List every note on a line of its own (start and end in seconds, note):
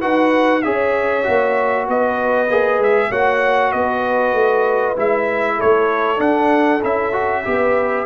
0.00 0.65 D#4
0.00 0.62 F#4
0.00 0.62 B4
0.00 0.62 F#5
0.62 1.27 C#4
0.62 1.24 G#4
0.62 1.88 C#5
0.62 1.86 E5
1.24 1.88 A#3
1.24 2.47 F#4
1.88 2.50 B3
1.88 3.09 B4
1.88 2.82 D#5
2.50 2.79 A#3
2.50 3.12 G#4
2.79 3.10 G#3
2.79 3.12 E5
3.09 3.73 A#3
3.09 4.96 F#4
3.09 3.71 C#5
3.09 3.72 F#5
3.72 4.33 B3
3.72 5.55 B4
3.72 4.95 D#5
4.33 4.95 A3
4.96 5.59 G#3
4.96 6.17 E4
4.96 5.61 E5
5.55 7.41 A4
5.55 6.20 C#5
5.63 6.19 A3
6.17 6.79 D4
6.17 6.81 D4
6.17 6.82 F#5
6.82 7.45 C#4
6.82 7.12 E4
6.82 8.05 E5
7.12 7.43 F#4
7.44 8.05 B3
7.44 8.05 G4
7.44 8.05 B4